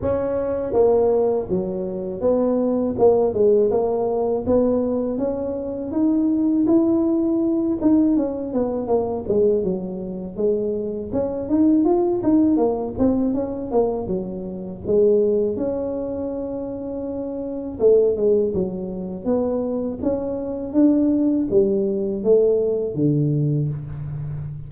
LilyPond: \new Staff \with { instrumentName = "tuba" } { \time 4/4 \tempo 4 = 81 cis'4 ais4 fis4 b4 | ais8 gis8 ais4 b4 cis'4 | dis'4 e'4. dis'8 cis'8 b8 | ais8 gis8 fis4 gis4 cis'8 dis'8 |
f'8 dis'8 ais8 c'8 cis'8 ais8 fis4 | gis4 cis'2. | a8 gis8 fis4 b4 cis'4 | d'4 g4 a4 d4 | }